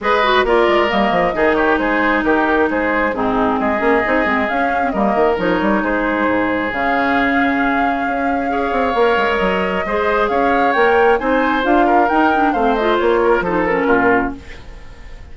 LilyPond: <<
  \new Staff \with { instrumentName = "flute" } { \time 4/4 \tempo 4 = 134 dis''4 d''4 dis''4. cis''8 | c''4 ais'4 c''4 gis'4 | dis''2 f''4 dis''4 | cis''4 c''2 f''4~ |
f''1~ | f''4 dis''2 f''4 | g''4 gis''4 f''4 g''4 | f''8 dis''8 cis''4 c''8 ais'4. | }
  \new Staff \with { instrumentName = "oboe" } { \time 4/4 b'4 ais'2 gis'8 g'8 | gis'4 g'4 gis'4 dis'4 | gis'2. ais'4~ | ais'4 gis'2.~ |
gis'2. cis''4~ | cis''2 c''4 cis''4~ | cis''4 c''4. ais'4. | c''4. ais'8 a'4 f'4 | }
  \new Staff \with { instrumentName = "clarinet" } { \time 4/4 gis'8 fis'8 f'4 ais4 dis'4~ | dis'2. c'4~ | c'8 cis'8 dis'8 c'8 cis'8. c'16 ais4 | dis'2. cis'4~ |
cis'2. gis'4 | ais'2 gis'2 | ais'4 dis'4 f'4 dis'8 d'8 | c'8 f'4. dis'8 cis'4. | }
  \new Staff \with { instrumentName = "bassoon" } { \time 4/4 gis4 ais8 gis8 g8 f8 dis4 | gis4 dis4 gis4 gis,4 | gis8 ais8 c'8 gis8 cis'4 g8 dis8 | f8 g8 gis4 gis,4 cis4~ |
cis2 cis'4. c'8 | ais8 gis8 fis4 gis4 cis'4 | ais4 c'4 d'4 dis'4 | a4 ais4 f4 ais,4 | }
>>